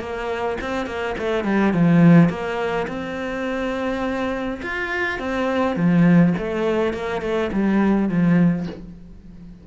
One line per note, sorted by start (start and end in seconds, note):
0.00 0.58 A#3
0.61 0.87 C4
0.87 1.15 A#3
1.19 1.45 A3
1.45 1.74 G3
1.74 2.30 F3
2.30 2.87 A#3
2.88 4.61 C4
4.63 5.19 F4
5.19 5.76 C4
5.76 6.34 F3
6.38 6.94 A3
6.94 7.22 A#3
7.22 7.51 A3
7.53 8.10 G3
8.10 8.67 F3